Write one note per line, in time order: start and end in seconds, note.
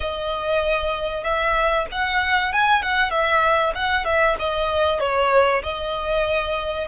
0.00 1.23 D#5
1.23 1.86 E5
1.91 2.52 F#5
2.52 2.82 G#5
2.82 3.10 F#5
3.10 3.73 E5
3.74 4.04 F#5
4.04 4.36 E5
4.39 5.00 D#5
5.00 5.62 C#5
5.62 6.88 D#5